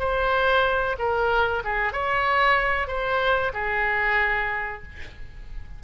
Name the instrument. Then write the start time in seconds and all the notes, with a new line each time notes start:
oboe
0.00 C5
0.99 A#4
1.65 G#4
1.93 C#5
2.88 C5
3.54 G#4